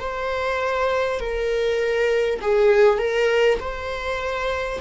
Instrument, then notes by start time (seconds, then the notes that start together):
viola
0.00 C5
1.20 A#4
2.42 G#4
2.99 A#4
3.60 C5